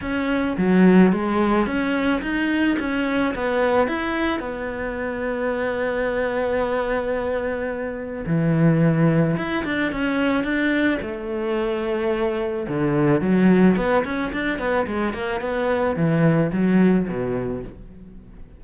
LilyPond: \new Staff \with { instrumentName = "cello" } { \time 4/4 \tempo 4 = 109 cis'4 fis4 gis4 cis'4 | dis'4 cis'4 b4 e'4 | b1~ | b2. e4~ |
e4 e'8 d'8 cis'4 d'4 | a2. d4 | fis4 b8 cis'8 d'8 b8 gis8 ais8 | b4 e4 fis4 b,4 | }